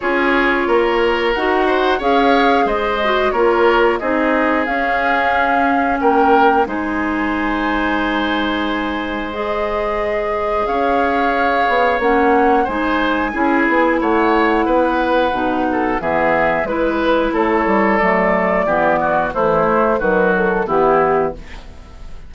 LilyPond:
<<
  \new Staff \with { instrumentName = "flute" } { \time 4/4 \tempo 4 = 90 cis''2 fis''4 f''4 | dis''4 cis''4 dis''4 f''4~ | f''4 g''4 gis''2~ | gis''2 dis''2 |
f''2 fis''4 gis''4~ | gis''4 fis''2. | e''4 b'4 cis''4 d''4~ | d''4 c''4 b'8 a'8 g'4 | }
  \new Staff \with { instrumentName = "oboe" } { \time 4/4 gis'4 ais'4. c''8 cis''4 | c''4 ais'4 gis'2~ | gis'4 ais'4 c''2~ | c''1 |
cis''2. c''4 | gis'4 cis''4 b'4. a'8 | gis'4 b'4 a'2 | g'8 fis'8 e'4 fis'4 e'4 | }
  \new Staff \with { instrumentName = "clarinet" } { \time 4/4 f'2 fis'4 gis'4~ | gis'8 fis'8 f'4 dis'4 cis'4~ | cis'2 dis'2~ | dis'2 gis'2~ |
gis'2 cis'4 dis'4 | e'2. dis'4 | b4 e'2 a4 | b4 e8 a8 fis4 b4 | }
  \new Staff \with { instrumentName = "bassoon" } { \time 4/4 cis'4 ais4 dis'4 cis'4 | gis4 ais4 c'4 cis'4~ | cis'4 ais4 gis2~ | gis1 |
cis'4. b8 ais4 gis4 | cis'8 b8 a4 b4 b,4 | e4 gis4 a8 g8 fis4 | e4 a4 dis4 e4 | }
>>